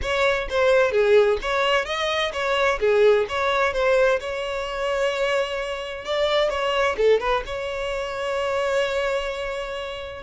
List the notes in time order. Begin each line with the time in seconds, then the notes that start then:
0.02 C#5
0.49 C5
0.91 G#4
1.41 C#5
1.85 D#5
2.32 C#5
2.79 G#4
3.29 C#5
3.73 C5
4.19 C#5
6.05 D5
6.49 C#5
6.97 A4
7.20 B4
7.45 C#5